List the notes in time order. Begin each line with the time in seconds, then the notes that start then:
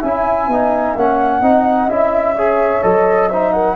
0.00 C#4 E4 E5 G#5
0.47 B3 D#4
0.96 A#3 C#4 F#5
1.41 C4 D#4 D#5
1.88 C#4 E4 E5
2.36 G#4 C#5
2.83 F#3 A4 D#5
3.29 D#4 C5 E5
3.53 A#4 F#5